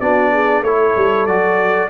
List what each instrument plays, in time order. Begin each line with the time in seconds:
0.00 tuba B3, trombone D4, horn F#4, trumpet D5
0.32 horn G#4
0.62 tuba A3, trombone E4, horn A4, trumpet C#5
0.96 tuba G3
1.26 tuba F#3, trombone F#4, trumpet D5